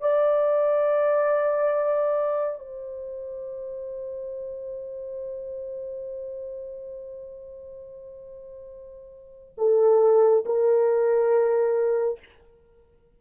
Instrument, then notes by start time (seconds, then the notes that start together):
horn
0.00 D5
2.59 C5
9.57 A4
10.45 A#4